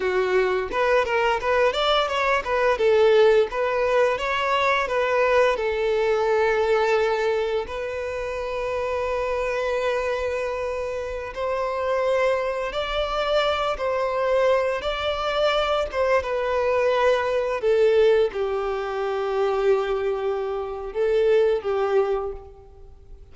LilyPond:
\new Staff \with { instrumentName = "violin" } { \time 4/4 \tempo 4 = 86 fis'4 b'8 ais'8 b'8 d''8 cis''8 b'8 | a'4 b'4 cis''4 b'4 | a'2. b'4~ | b'1~ |
b'16 c''2 d''4. c''16~ | c''4~ c''16 d''4. c''8 b'8.~ | b'4~ b'16 a'4 g'4.~ g'16~ | g'2 a'4 g'4 | }